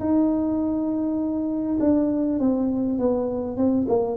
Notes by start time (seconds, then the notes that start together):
0.00 D#4
1.80 D4
2.39 C4
2.99 B3
3.57 C4
3.88 A#3